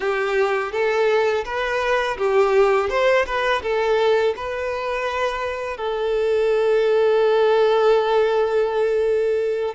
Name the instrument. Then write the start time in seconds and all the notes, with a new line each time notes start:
violin
0.00 G4
0.72 A4
1.45 B4
2.17 G4
2.89 C5
3.25 B4
3.62 A4
4.36 B4
5.77 A4